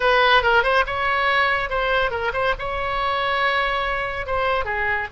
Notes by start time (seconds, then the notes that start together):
0.00 B4
0.42 A#4
0.63 C5
0.86 C#5
1.69 C5
2.10 A#4
2.33 C5
2.58 C#5
4.26 C5
4.65 G#4